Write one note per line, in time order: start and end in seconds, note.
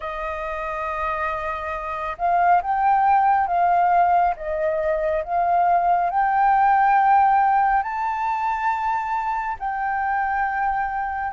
0.00 2.17 D#5
2.18 2.61 F5
2.62 3.47 G5
3.47 4.34 F5
4.36 5.23 D#5
5.24 6.10 F5
6.10 7.83 G5
7.83 9.57 A5
9.59 11.33 G5